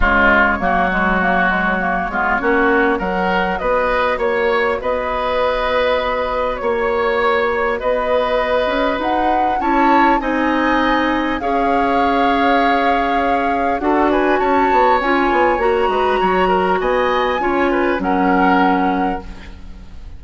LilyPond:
<<
  \new Staff \with { instrumentName = "flute" } { \time 4/4 \tempo 4 = 100 cis''1~ | cis''4 fis''4 dis''4 cis''4 | dis''2. cis''4~ | cis''4 dis''2 fis''4 |
a''4 gis''2 f''4~ | f''2. fis''8 gis''8 | a''4 gis''4 ais''2 | gis''2 fis''2 | }
  \new Staff \with { instrumentName = "oboe" } { \time 4/4 f'4 fis'2~ fis'8 f'8 | fis'4 ais'4 b'4 cis''4 | b'2. cis''4~ | cis''4 b'2. |
cis''4 dis''2 cis''4~ | cis''2. a'8 b'8 | cis''2~ cis''8 b'8 cis''8 ais'8 | dis''4 cis''8 b'8 ais'2 | }
  \new Staff \with { instrumentName = "clarinet" } { \time 4/4 gis4 ais8 gis8 ais8 gis8 ais8 b8 | cis'4 fis'2.~ | fis'1~ | fis'1 |
e'4 dis'2 gis'4~ | gis'2. fis'4~ | fis'4 f'4 fis'2~ | fis'4 f'4 cis'2 | }
  \new Staff \with { instrumentName = "bassoon" } { \time 4/4 cis4 fis2~ fis8 gis8 | ais4 fis4 b4 ais4 | b2. ais4~ | ais4 b4. cis'8 dis'4 |
cis'4 c'2 cis'4~ | cis'2. d'4 | cis'8 b8 cis'8 b8 ais8 gis8 fis4 | b4 cis'4 fis2 | }
>>